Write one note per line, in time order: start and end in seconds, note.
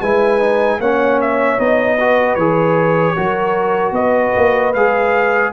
0.00 0.79 G#3
0.00 0.40 E4
0.00 0.79 B4
0.00 0.80 G#5
0.40 0.79 D#4
0.79 1.58 A#3
0.79 1.59 C#4
0.79 1.96 C#5
0.79 1.20 F#5
1.21 1.60 E5
1.59 2.36 B3
1.59 1.98 D#4
1.59 2.35 D#5
1.96 2.39 F#4
1.96 3.15 B4
2.35 3.15 E3
2.35 3.16 G#4
2.35 3.93 C#5
3.15 3.91 F#3
3.15 4.74 F#4
3.15 3.94 A#4
3.91 4.31 B3
3.91 5.53 B4
3.91 4.73 D#5
4.36 4.74 A#3
4.74 5.53 G#3
4.74 5.53 G#4
4.74 5.53 F5